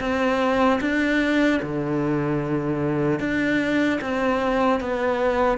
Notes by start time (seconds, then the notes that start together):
0.00 C4
0.81 D4
1.63 D3
3.20 D4
4.01 C4
4.80 B3